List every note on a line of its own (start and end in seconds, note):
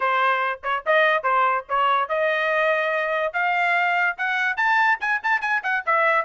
0.00 0.60 C5
0.63 0.84 C#5
0.85 1.23 D#5
1.23 1.65 C5
1.69 2.08 C#5
2.08 3.33 D#5
3.33 4.16 F5
4.17 4.56 F#5
4.56 4.98 A5
5.00 5.21 G#5
5.23 5.41 A5
5.41 5.62 G#5
5.63 5.84 F#5
5.86 6.25 E5